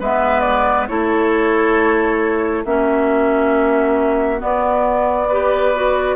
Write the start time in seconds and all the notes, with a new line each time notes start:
0.00 G#3 B3 B4 E5
0.41 D5
0.88 A3 E4 A4 C#5
2.64 A#3 C#4 F#4 E5
4.38 B3 D5
5.27 G4 B4
5.75 F#4